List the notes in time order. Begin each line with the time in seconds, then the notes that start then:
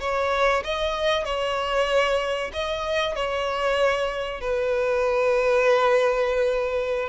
0.00 C#5
0.64 D#5
1.25 C#5
2.53 D#5
3.15 C#5
4.41 B4